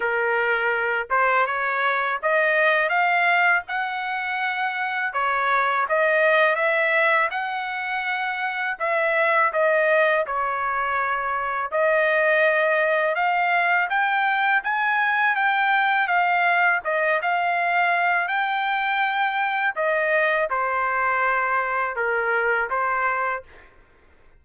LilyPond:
\new Staff \with { instrumentName = "trumpet" } { \time 4/4 \tempo 4 = 82 ais'4. c''8 cis''4 dis''4 | f''4 fis''2 cis''4 | dis''4 e''4 fis''2 | e''4 dis''4 cis''2 |
dis''2 f''4 g''4 | gis''4 g''4 f''4 dis''8 f''8~ | f''4 g''2 dis''4 | c''2 ais'4 c''4 | }